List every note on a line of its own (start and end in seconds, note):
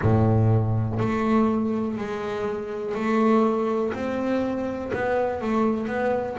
0.01 0.99 A2
0.99 1.97 A3
1.97 2.95 G#3
2.95 3.93 A3
3.93 4.91 C4
4.93 5.41 B3
5.41 5.87 A3
5.87 6.36 B3